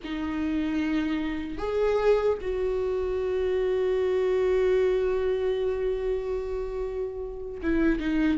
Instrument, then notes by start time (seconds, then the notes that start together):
viola
0.04 D#4
1.57 G#4
2.41 F#4
7.62 E4
7.99 D#4